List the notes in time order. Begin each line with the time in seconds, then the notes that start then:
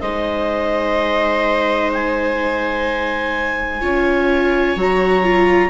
0.00 G#3 D#4 C5 D#5
1.93 G#5
3.81 C#4 F4 C#5
4.76 F#3 F#4 A#5
5.23 F4